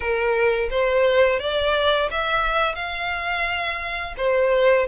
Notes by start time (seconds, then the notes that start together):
0.00 A#4
0.70 C5
1.39 D5
2.10 E5
2.75 F5
4.17 C5